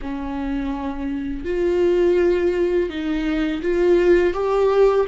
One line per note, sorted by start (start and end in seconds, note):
0.01 1.45 C#4
1.45 2.89 F4
2.89 3.61 D#4
3.62 4.33 F4
4.33 5.06 G4